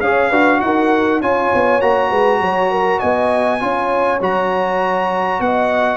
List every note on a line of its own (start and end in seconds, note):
0.00 0.30 C#4
0.00 0.32 G#4
0.00 0.29 C#5
0.00 0.60 F5
0.29 0.60 D4
0.29 1.22 F#4
0.29 0.59 B4
0.60 1.21 D#4
0.60 1.21 A#4
0.60 1.21 F#5
1.21 1.51 C#4
1.21 1.81 F4
1.21 2.10 C#5
1.21 1.81 G#5
1.54 1.81 B3
1.81 2.11 A#3
1.81 3.60 F#4
1.81 2.99 A#5
2.10 2.40 G#3
2.10 2.40 B4
2.40 3.00 F#3
2.40 2.71 C#5
2.71 2.99 A#4
2.99 3.61 B3
2.99 3.59 D#5
2.99 4.19 G#5
3.60 4.20 C#4
3.60 4.20 F4
3.60 5.43 C#5
4.20 5.40 F#3
4.20 5.97 F#4
4.20 5.41 A#5
5.40 5.97 B3
5.40 5.97 D#5
5.40 5.97 F#5